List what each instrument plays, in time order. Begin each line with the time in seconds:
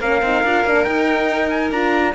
0.00 cello A#3, horn C#4, violin A#4, trumpet F5
0.22 cello C4, horn D#4
0.44 cello D4, horn F4
0.65 cello A#3, horn D4
0.84 cello D#4, horn D#4, trumpet G5
1.49 trumpet G#5
1.71 cello D4, horn F4, trumpet A#5